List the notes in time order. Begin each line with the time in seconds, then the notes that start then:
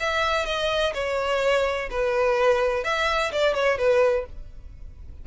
0.00 E5
0.46 D#5
0.94 C#5
1.90 B4
2.84 E5
3.32 D5
3.54 C#5
3.78 B4